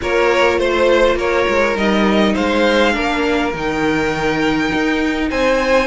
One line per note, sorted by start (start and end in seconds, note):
0.01 0.57 A#3
0.01 1.75 F4
0.01 0.58 A#4
0.01 0.59 C#5
0.57 1.15 A3
0.57 1.16 C5
0.57 1.18 C5
1.15 1.44 A#3
1.15 2.33 A#4
1.15 1.77 C#5
1.48 1.75 G#3
1.75 2.34 G3
1.75 2.93 D#4
1.75 2.35 D#5
2.34 2.96 G#3
2.34 2.93 C5
2.34 3.53 F5
2.93 3.53 A#3
2.93 3.51 D4
2.93 5.28 A#4
3.53 4.71 D#3
3.53 5.87 D#4
3.53 5.30 G5
4.73 5.31 D#4
5.30 5.87 C4
5.30 5.87 C5
5.30 5.87 G#5